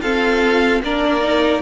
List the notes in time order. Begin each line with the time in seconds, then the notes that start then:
0.00 C4 F4 A4 F5
0.83 A#3 D4 A#4 D5
1.21 D#4